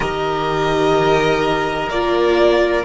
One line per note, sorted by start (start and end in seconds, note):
0.00 1.88 D#3
0.00 1.90 G4
0.00 2.84 A#4
0.00 1.89 D#5
1.89 2.84 A#3
1.89 2.84 F4
1.89 2.84 D5